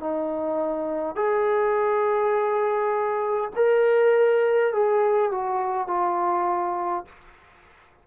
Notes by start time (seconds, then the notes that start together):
0.00 D#4
1.15 G#4
3.56 A#4
4.73 G#4
5.31 F#4
5.87 F4